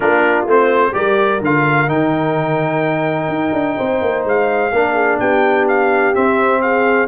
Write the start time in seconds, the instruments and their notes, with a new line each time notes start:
0.00 tuba A#3, trombone D4, horn F4, trumpet A#4
0.45 tuba A3, trombone C4, trumpet C5
0.92 tuba G3, trombone G4, horn A#4, trumpet D5
1.40 tuba D3, trombone F4, trumpet F5
1.87 tuba D#3, trombone D#4, trumpet G5
3.28 tuba D#4
3.53 tuba D4
3.76 tuba C4, horn C5
4.01 tuba A#3
4.24 tuba G#3, trumpet F5
4.72 tuba A#3, trombone D4, horn A#4
4.94 horn G#4
5.19 tuba B3, horn G4, trumpet G5
5.67 trumpet F5
6.14 trombone C4, tuba C4, trumpet E5
6.61 horn G#4, trumpet F5